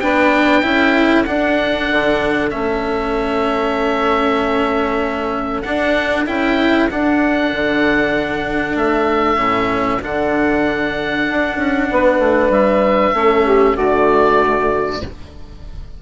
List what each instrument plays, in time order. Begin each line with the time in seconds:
0.00 bassoon B3, cello D4, saxophone B4, oboe G5
0.62 bassoon C#4, cello E4, saxophone A4
1.25 cello D4, bassoon D4, oboe F#5
1.91 bassoon D3
2.50 bassoon A3, cello C#4, oboe E5
5.62 bassoon D4, cello D4, oboe F#5
6.26 bassoon C#4, cello E4, oboe G5
6.90 bassoon D4, cello D4, oboe F#5
7.53 bassoon D3
8.75 bassoon A3, oboe E5
9.36 bassoon A2, cello C#4
10.02 bassoon D3, cello D4, oboe F#5
11.29 bassoon D4
11.57 bassoon C#4
11.91 bassoon B3, saxophone B4
12.19 bassoon A3
12.49 bassoon G3, oboe E5
13.13 bassoon A3, cello C#4, saxophone A4
13.45 saxophone G4
13.74 bassoon D3, cello A3, saxophone F#4, oboe D5